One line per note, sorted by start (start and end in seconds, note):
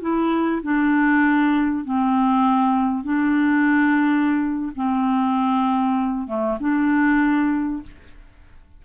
0.00 0.61 E4
0.63 1.85 D4
1.85 3.04 C4
3.04 4.72 D4
4.75 6.27 C4
6.27 6.58 A3
6.60 7.82 D4